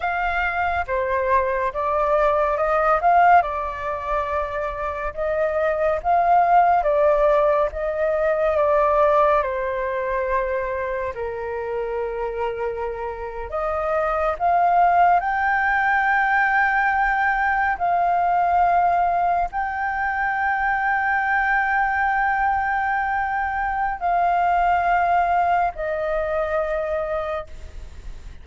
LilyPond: \new Staff \with { instrumentName = "flute" } { \time 4/4 \tempo 4 = 70 f''4 c''4 d''4 dis''8 f''8 | d''2 dis''4 f''4 | d''4 dis''4 d''4 c''4~ | c''4 ais'2~ ais'8. dis''16~ |
dis''8. f''4 g''2~ g''16~ | g''8. f''2 g''4~ g''16~ | g''1 | f''2 dis''2 | }